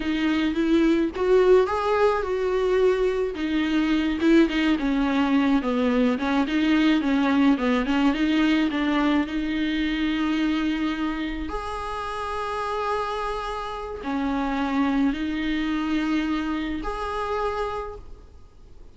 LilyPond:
\new Staff \with { instrumentName = "viola" } { \time 4/4 \tempo 4 = 107 dis'4 e'4 fis'4 gis'4 | fis'2 dis'4. e'8 | dis'8 cis'4. b4 cis'8 dis'8~ | dis'8 cis'4 b8 cis'8 dis'4 d'8~ |
d'8 dis'2.~ dis'8~ | dis'8 gis'2.~ gis'8~ | gis'4 cis'2 dis'4~ | dis'2 gis'2 | }